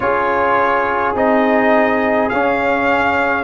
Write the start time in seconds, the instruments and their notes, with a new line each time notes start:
0.00 tuba C#4, trombone F4, horn G#4, trumpet C#5
1.14 tuba C4, trombone D#4, trumpet D#5
2.29 tuba C#4, trombone C#4, trumpet F5